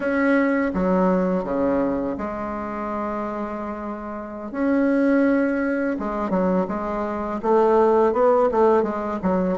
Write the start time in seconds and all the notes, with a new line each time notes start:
0.00 C#4
0.74 F#3
1.44 C#3
2.17 G#3
4.51 C#4
5.99 G#3
6.30 F#3
6.68 G#3
7.42 A3
8.13 B3
8.51 A3
8.82 G#3
9.22 F#3